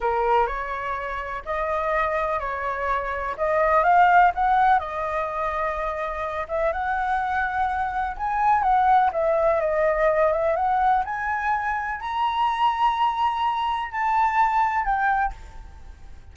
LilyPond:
\new Staff \with { instrumentName = "flute" } { \time 4/4 \tempo 4 = 125 ais'4 cis''2 dis''4~ | dis''4 cis''2 dis''4 | f''4 fis''4 dis''2~ | dis''4. e''8 fis''2~ |
fis''4 gis''4 fis''4 e''4 | dis''4. e''8 fis''4 gis''4~ | gis''4 ais''2.~ | ais''4 a''2 g''4 | }